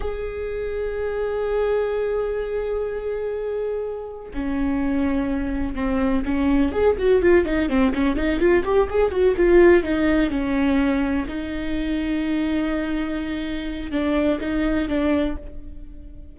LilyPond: \new Staff \with { instrumentName = "viola" } { \time 4/4 \tempo 4 = 125 gis'1~ | gis'1~ | gis'4 cis'2. | c'4 cis'4 gis'8 fis'8 f'8 dis'8 |
c'8 cis'8 dis'8 f'8 g'8 gis'8 fis'8 f'8~ | f'8 dis'4 cis'2 dis'8~ | dis'1~ | dis'4 d'4 dis'4 d'4 | }